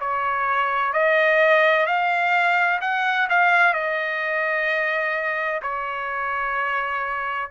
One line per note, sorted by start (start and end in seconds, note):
0.00 0.93 C#5
0.93 1.86 D#5
1.86 2.80 F5
2.81 3.28 F#5
3.29 3.73 F5
3.73 5.60 D#5
5.62 7.50 C#5